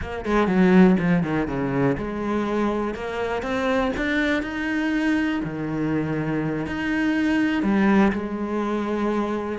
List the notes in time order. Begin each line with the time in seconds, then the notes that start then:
0.01 A#3
0.25 G#3
0.47 F#3
0.99 F3
1.23 D#3
1.47 C#3
1.97 G#3
2.94 A#3
3.42 C4
3.97 D4
4.42 D#4
5.43 D#3
6.66 D#4
7.63 G3
8.12 G#3